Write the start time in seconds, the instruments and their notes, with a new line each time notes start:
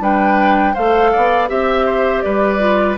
0.00 bassoon G3, clarinet D4, oboe B4, flute G5
0.74 bassoon A3, clarinet A4, oboe C5, flute F5
1.12 bassoon B3, oboe D5
1.48 bassoon C4, clarinet G4, oboe E5, flute E5
1.86 oboe C5
2.22 bassoon G3, oboe B4, flute D5
2.59 clarinet F4